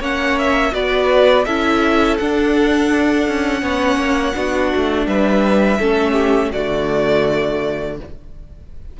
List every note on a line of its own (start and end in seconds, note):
0.00 0.72 A#3
0.00 0.72 C#4
0.00 0.72 C#5
0.00 0.39 F#5
0.39 0.74 E5
0.72 1.46 B3
0.72 1.44 F#4
0.72 1.46 B4
0.72 1.45 D5
1.45 2.19 C#4
1.45 2.20 E4
1.45 3.62 A4
1.45 2.17 E5
2.17 3.27 D4
2.17 3.61 D4
2.17 5.07 F#5
3.27 3.63 C#4
3.61 3.97 B3
3.61 4.33 C#4
3.61 4.35 C#5
3.97 4.33 A#3
4.35 4.72 B3
4.35 5.79 D4
4.35 5.07 F#4
4.76 5.07 A3
5.07 5.79 G3
5.07 5.79 B4
5.07 6.52 E5
5.79 6.52 A3
5.79 6.53 C#4
5.79 6.12 A4
6.12 6.48 G4
6.52 8.00 D3
6.52 7.98 A3
6.52 7.97 F#4
6.52 7.97 D5